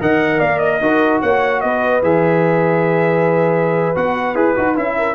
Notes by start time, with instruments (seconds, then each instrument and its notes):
0.00 tuba D#3, trombone A#4, horn D#5, trumpet F#5
0.39 tuba A#3, horn D5, trumpet F5
0.59 trumpet D#5
0.81 tuba D#4, trombone F#4, horn A#4
1.22 tuba A#3, horn C#5, trumpet F#5
1.61 tuba B3, horn B4, trumpet D#5
2.02 tuba E3, trombone G#4, trumpet E5
3.95 tuba B3, trombone F#4, trumpet F#5
4.35 tuba E4, trombone G#4, trumpet B4
4.56 tuba D#4, trombone F#4
4.76 tuba C#4, trombone E4, trumpet E5
4.98 horn A#4